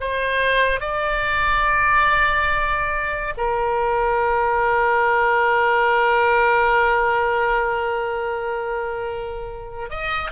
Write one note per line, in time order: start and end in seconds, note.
0.00 0.80 C5
0.80 3.34 D5
3.37 9.90 A#4
9.90 10.31 D#5